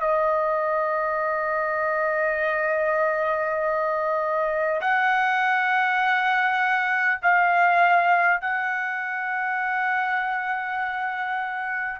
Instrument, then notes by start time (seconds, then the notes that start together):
trumpet
0.00 D#5
4.81 F#5
7.22 F5
8.41 F#5